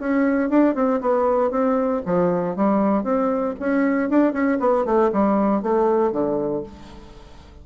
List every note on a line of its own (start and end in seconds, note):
0.00 0.50 C#4
0.50 0.76 D4
0.76 1.01 C4
1.02 1.51 B3
1.51 2.03 C4
2.06 2.56 F3
2.56 3.04 G3
3.04 3.55 C4
3.60 4.10 C#4
4.10 4.33 D4
4.33 4.59 C#4
4.60 4.86 B3
4.86 5.11 A3
5.13 5.63 G3
5.63 6.12 A3
6.12 6.64 D3